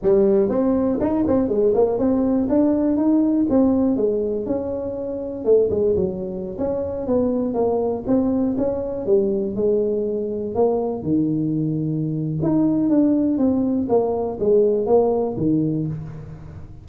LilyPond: \new Staff \with { instrumentName = "tuba" } { \time 4/4 \tempo 4 = 121 g4 c'4 dis'8 c'8 gis8 ais8 | c'4 d'4 dis'4 c'4 | gis4 cis'2 a8 gis8 | fis4~ fis16 cis'4 b4 ais8.~ |
ais16 c'4 cis'4 g4 gis8.~ | gis4~ gis16 ais4 dis4.~ dis16~ | dis4 dis'4 d'4 c'4 | ais4 gis4 ais4 dis4 | }